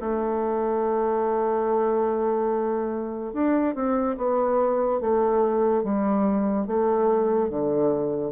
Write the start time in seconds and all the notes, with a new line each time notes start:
0.00 A3
3.33 D4
3.75 C4
4.17 B3
5.00 A3
5.84 G3
6.67 A3
7.50 D3